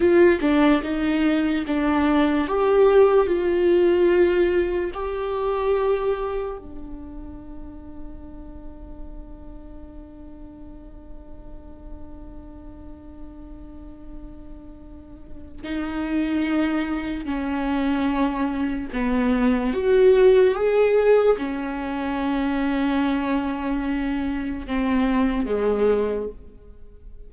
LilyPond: \new Staff \with { instrumentName = "viola" } { \time 4/4 \tempo 4 = 73 f'8 d'8 dis'4 d'4 g'4 | f'2 g'2 | d'1~ | d'1~ |
d'2. dis'4~ | dis'4 cis'2 b4 | fis'4 gis'4 cis'2~ | cis'2 c'4 gis4 | }